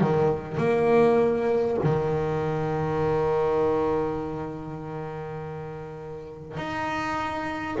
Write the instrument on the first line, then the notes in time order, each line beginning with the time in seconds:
double bass
0.00 D#3
0.57 A#3
1.83 D#3
6.57 D#4